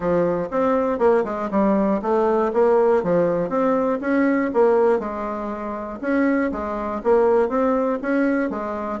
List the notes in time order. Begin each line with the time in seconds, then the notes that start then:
0.00 F3
0.50 C4
0.98 A#3
1.24 G#3
1.50 G3
2.02 A3
2.53 A#3
3.03 F3
3.49 C4
4.00 C#4
4.53 A#3
4.99 G#3
6.01 C#4
6.51 G#3
7.03 A#3
7.49 C4
8.01 C#4
8.50 G#3